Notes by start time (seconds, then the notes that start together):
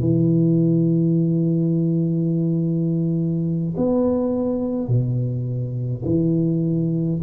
0.00 E3
3.77 B3
4.88 B2
6.05 E3